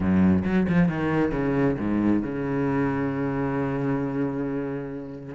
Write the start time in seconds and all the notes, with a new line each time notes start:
0.00 F#2
0.44 F#3
0.68 F3
0.88 D#3
1.31 C#3
1.78 G#2
2.23 C#3